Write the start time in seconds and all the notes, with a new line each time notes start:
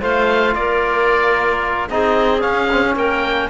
0.00 A3 F4 C5 F5
0.55 A#3 A#4 D5
1.89 C4 D#4 G#4 D#5
2.40 C#4 F5
2.72 C4
2.85 C#4
2.95 A#3 A#4 G5